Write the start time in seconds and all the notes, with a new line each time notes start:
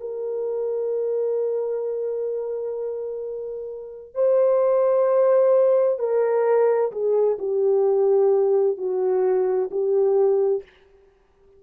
0.00 A#4
4.15 C5
5.99 A#4
6.92 G#4
7.38 G4
8.77 F#4
9.71 G4